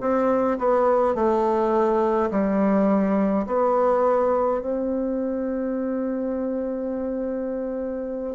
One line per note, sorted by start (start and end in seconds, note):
0.00 0.58 C4
0.58 1.15 B3
1.15 2.30 A3
2.30 3.46 G3
3.46 4.61 B3
4.61 8.35 C4